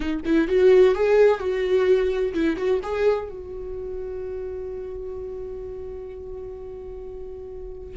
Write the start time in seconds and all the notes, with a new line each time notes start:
0.00 D#4
0.25 E4
0.48 F#4
0.95 G#4
1.39 F#4
2.34 E4
2.57 F#4
2.82 G#4
3.28 F#4